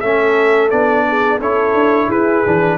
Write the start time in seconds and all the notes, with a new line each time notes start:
0.00 A3 C#4 A4 E5
0.70 B3 D4 D5
1.08 G#4
1.39 C#4 E4 A4 C#5
1.73 D4
2.07 E4 G#4 B4
2.45 E3 D4